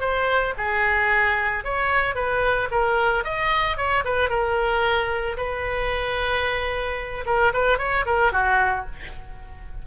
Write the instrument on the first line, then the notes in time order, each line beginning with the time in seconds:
oboe
0.00 C5
0.57 G#4
1.64 C#5
2.15 B4
2.71 A#4
3.24 D#5
3.76 C#5
4.04 B4
4.29 A#4
5.37 B4
7.26 A#4
7.53 B4
7.78 C#5
8.06 A#4
8.32 F#4